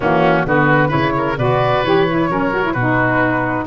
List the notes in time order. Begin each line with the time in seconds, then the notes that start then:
0.00 E3 A#3 C#4 F#4
0.45 D3 B3 F#4 B4
0.88 C#3 E4 B4 C#5
1.17 A#4
1.37 B2 F#4 B4 D5
1.83 E3 G4 C#5
2.08 E4
2.29 F#3 C#4 A#4
2.53 F#4
2.63 E4
2.72 B2 F#4 B4
2.79 D#4